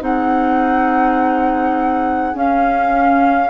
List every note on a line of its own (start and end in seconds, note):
0.00 2.34 C4
0.00 2.34 D#4
0.00 3.50 G#4
0.00 2.36 F#5
2.34 3.50 C#4
2.34 3.50 F5